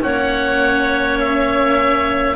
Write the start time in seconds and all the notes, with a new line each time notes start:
0.00 A#3 C#4 C#5 F#5
1.19 E5